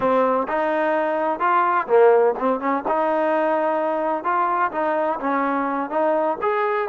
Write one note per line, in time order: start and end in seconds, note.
0.00 0.47 C4
0.47 1.39 D#4
1.39 1.87 F4
1.87 2.34 A#3
2.39 2.60 C4
2.60 2.83 C#4
2.88 4.24 D#4
4.24 4.71 F4
4.71 5.19 D#4
5.20 5.90 C#4
5.90 6.37 D#4
6.41 6.88 G#4